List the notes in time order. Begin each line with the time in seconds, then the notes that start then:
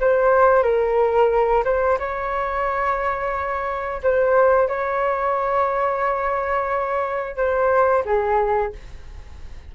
0.00 C5
0.63 A#4
1.64 C5
1.99 C#5
4.03 C5
4.68 C#5
7.36 C5
8.05 G#4